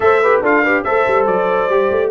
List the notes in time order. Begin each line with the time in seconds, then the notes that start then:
0.00 A3 A4 C5 E5
0.22 G4 B4
0.41 D4 F4 A4 F5
0.62 G4 B4
0.83 A3 A4 C5 E5
1.07 G3
1.26 F#3 D5
1.68 G3 G4
1.90 A3